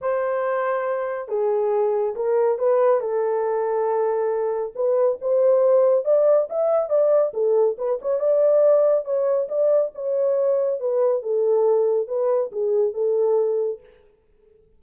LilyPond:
\new Staff \with { instrumentName = "horn" } { \time 4/4 \tempo 4 = 139 c''2. gis'4~ | gis'4 ais'4 b'4 a'4~ | a'2. b'4 | c''2 d''4 e''4 |
d''4 a'4 b'8 cis''8 d''4~ | d''4 cis''4 d''4 cis''4~ | cis''4 b'4 a'2 | b'4 gis'4 a'2 | }